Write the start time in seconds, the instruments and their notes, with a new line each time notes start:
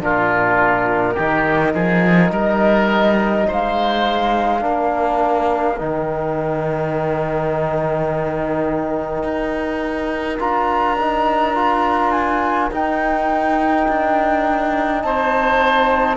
0.00 cello A#2, trombone D4, oboe F4, flute A#4
1.14 cello D#3, trombone D#4, oboe G4
1.74 cello F3, oboe G#4
2.31 cello G3, oboe A#4, flute D#5
3.48 cello G#3, oboe C5, flute F5
4.60 cello A#3, trombone D4, oboe A#4
5.78 cello D#3, trombone D#4, flute G5
9.23 cello D#4
10.39 cello D4, trombone F4, flute A#5
10.98 trombone D#4
11.55 trombone F4
12.12 flute G#5
12.71 cello D#4, trombone D#4, flute G5
13.88 cello D4
15.02 cello C4, oboe C5, flute A5